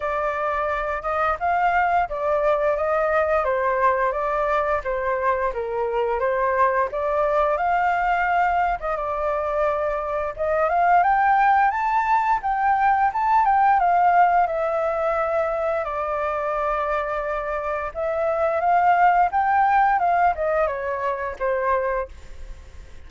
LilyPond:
\new Staff \with { instrumentName = "flute" } { \time 4/4 \tempo 4 = 87 d''4. dis''8 f''4 d''4 | dis''4 c''4 d''4 c''4 | ais'4 c''4 d''4 f''4~ | f''8. dis''16 d''2 dis''8 f''8 |
g''4 a''4 g''4 a''8 g''8 | f''4 e''2 d''4~ | d''2 e''4 f''4 | g''4 f''8 dis''8 cis''4 c''4 | }